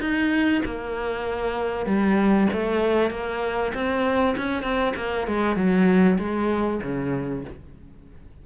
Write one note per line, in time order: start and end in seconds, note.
0.00 0.62 D#4
0.65 1.86 A#3
1.86 2.48 G3
2.53 3.10 A3
3.10 3.72 A#3
3.74 4.36 C4
4.37 4.63 C#4
4.63 4.94 C4
4.96 5.27 A#3
5.27 5.56 G#3
5.56 6.18 F#3
6.19 6.81 G#3
6.83 7.45 C#3